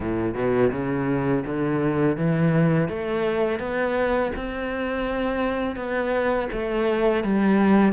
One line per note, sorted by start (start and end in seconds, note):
0.00 0.34 A2
0.34 0.70 B2
0.72 1.44 C#3
1.46 2.17 D3
2.17 2.88 E3
2.88 3.59 A3
3.59 4.31 B3
4.36 5.76 C4
5.76 6.48 B3
6.52 7.23 A3
7.23 7.92 G3